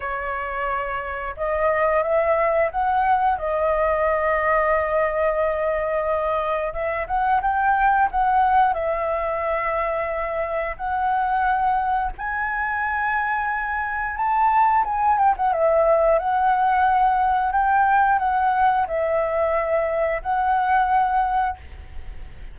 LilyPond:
\new Staff \with { instrumentName = "flute" } { \time 4/4 \tempo 4 = 89 cis''2 dis''4 e''4 | fis''4 dis''2.~ | dis''2 e''8 fis''8 g''4 | fis''4 e''2. |
fis''2 gis''2~ | gis''4 a''4 gis''8 g''16 fis''16 e''4 | fis''2 g''4 fis''4 | e''2 fis''2 | }